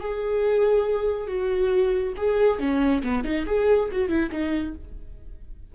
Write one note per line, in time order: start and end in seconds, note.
0.00 1.27 G#4
1.27 2.13 F#4
2.17 2.59 G#4
2.59 3.03 C#4
3.04 3.24 B3
3.24 3.46 D#4
3.46 3.89 G#4
3.92 4.08 F#4
4.08 4.30 E4
4.31 4.75 D#4